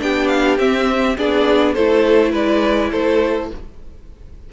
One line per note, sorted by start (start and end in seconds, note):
0.00 0.59 B3
0.00 0.58 D4
0.00 1.18 G4
0.00 0.28 G5
0.28 0.57 F5
0.58 1.17 C4
0.58 1.17 E5
1.17 1.76 B3
1.17 1.76 D4
1.17 1.75 G#4
1.17 1.74 D5
1.74 2.33 A3
1.74 3.53 E4
1.74 2.32 A4
1.74 2.32 C5
2.32 2.92 G#3
2.32 2.90 B4
2.32 2.92 D5
2.92 3.51 A3
2.92 3.50 A4
2.92 3.50 C5